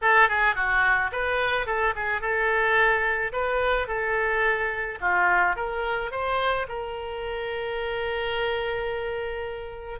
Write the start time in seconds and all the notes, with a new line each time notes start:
0.01 A4
0.29 G#4
0.55 F#4
1.12 B4
1.66 A4
1.95 G#4
2.21 A4
3.32 B4
3.87 A4
5.00 F4
5.56 A#4
6.11 C5
6.68 A#4